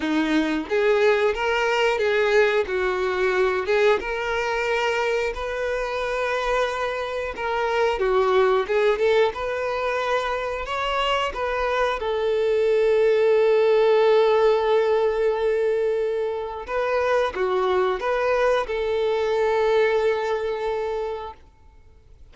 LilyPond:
\new Staff \with { instrumentName = "violin" } { \time 4/4 \tempo 4 = 90 dis'4 gis'4 ais'4 gis'4 | fis'4. gis'8 ais'2 | b'2. ais'4 | fis'4 gis'8 a'8 b'2 |
cis''4 b'4 a'2~ | a'1~ | a'4 b'4 fis'4 b'4 | a'1 | }